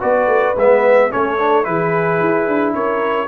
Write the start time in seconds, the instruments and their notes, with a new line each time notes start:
0.00 tuba B3, trombone F#4, horn B4, trumpet D5
0.27 tuba A3
0.56 tuba G#3, trombone B3, trumpet E5
1.11 tuba A3, trombone C#4, horn A4, trumpet C#5
1.39 trombone D4
1.64 tuba E3, trombone E4, horn G#4, trumpet B4
2.20 tuba E4
2.47 tuba D4
2.74 tuba C#4, horn A#4, trumpet C#5